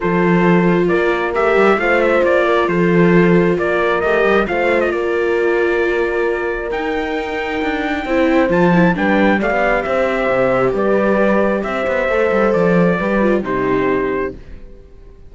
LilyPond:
<<
  \new Staff \with { instrumentName = "trumpet" } { \time 4/4 \tempo 4 = 134 c''2 d''4 e''4 | f''8 e''8 d''4 c''2 | d''4 dis''4 f''8. dis''16 d''4~ | d''2. g''4~ |
g''2. a''4 | g''4 f''4 e''2 | d''2 e''2 | d''2 c''2 | }
  \new Staff \with { instrumentName = "horn" } { \time 4/4 a'2 ais'2 | c''4. ais'8 a'2 | ais'2 c''4 ais'4~ | ais'1~ |
ais'2 c''2 | b'4 d''4 c''2 | b'2 c''2~ | c''4 b'4 g'2 | }
  \new Staff \with { instrumentName = "viola" } { \time 4/4 f'2. g'4 | f'1~ | f'4 g'4 f'2~ | f'2. dis'4~ |
dis'2 e'4 f'8 e'8 | d'4 g'2.~ | g'2. a'4~ | a'4 g'8 f'8 dis'2 | }
  \new Staff \with { instrumentName = "cello" } { \time 4/4 f2 ais4 a8 g8 | a4 ais4 f2 | ais4 a8 g8 a4 ais4~ | ais2. dis'4~ |
dis'4 d'4 c'4 f4 | g4 a16 b8. c'4 c4 | g2 c'8 b8 a8 g8 | f4 g4 c2 | }
>>